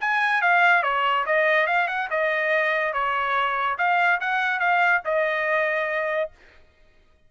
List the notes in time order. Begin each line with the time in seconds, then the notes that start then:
0.00 G#5
0.41 F5
0.82 C#5
1.26 D#5
1.66 F5
1.87 F#5
2.10 D#5
2.93 C#5
3.77 F5
4.20 F#5
4.59 F5
5.04 D#5